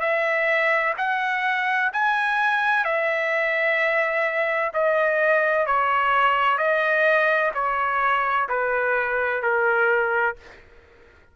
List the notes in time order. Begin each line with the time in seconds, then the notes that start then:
0.00 E5
0.97 F#5
1.93 G#5
2.84 E5
4.73 D#5
5.66 C#5
6.58 D#5
7.54 C#5
8.49 B4
9.42 A#4